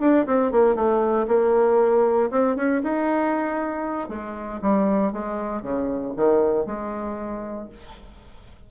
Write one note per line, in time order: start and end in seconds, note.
0.00 0.26 D4
0.26 0.52 C4
0.52 0.75 A#3
0.75 1.26 A3
1.28 2.30 A#3
2.31 2.56 C4
2.56 2.81 C#4
2.83 4.09 D#4
4.09 4.60 G#3
4.61 5.12 G3
5.12 5.62 G#3
5.62 6.13 C#3
6.16 6.66 D#3
6.66 7.69 G#3